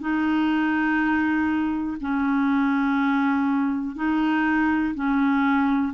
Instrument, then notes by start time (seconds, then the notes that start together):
clarinet
0.00 D#4
2.00 C#4
3.95 D#4
4.94 C#4